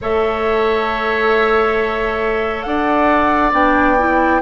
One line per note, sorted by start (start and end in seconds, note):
0.01 2.65 A3
0.01 3.52 A4
0.01 2.66 C#5
0.01 2.62 E5
2.62 3.52 D4
2.62 4.41 D5
2.62 3.50 F#5
3.52 4.40 B3
3.52 3.96 D4
3.52 4.41 G5
3.98 4.41 E4